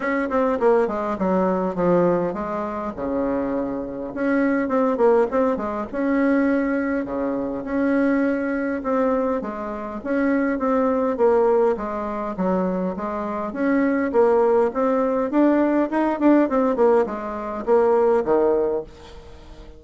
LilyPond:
\new Staff \with { instrumentName = "bassoon" } { \time 4/4 \tempo 4 = 102 cis'8 c'8 ais8 gis8 fis4 f4 | gis4 cis2 cis'4 | c'8 ais8 c'8 gis8 cis'2 | cis4 cis'2 c'4 |
gis4 cis'4 c'4 ais4 | gis4 fis4 gis4 cis'4 | ais4 c'4 d'4 dis'8 d'8 | c'8 ais8 gis4 ais4 dis4 | }